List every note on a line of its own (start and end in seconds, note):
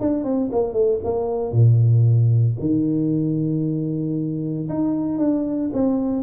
0.00 0.24 D4
0.24 0.50 C4
0.52 0.73 A#3
0.73 0.99 A3
1.04 1.52 A#3
1.52 2.56 A#2
2.60 4.68 D#3
4.69 5.18 D#4
5.18 5.70 D4
5.73 6.23 C4